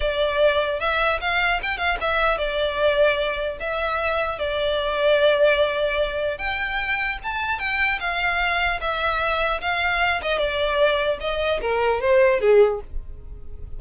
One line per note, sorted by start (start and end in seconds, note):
0.00 0.79 D5
0.79 1.19 E5
1.20 1.60 F5
1.62 1.77 G5
1.77 1.97 F5
2.00 2.38 E5
2.38 3.58 D5
3.60 4.39 E5
4.39 6.38 D5
6.38 7.18 G5
7.23 7.59 A5
7.59 7.99 G5
8.00 8.80 F5
8.80 9.60 E5
9.61 10.21 F5
10.21 10.38 D#5
10.38 11.18 D5
11.20 11.60 D#5
11.61 12.00 A#4
12.00 12.40 C5
12.40 12.80 G#4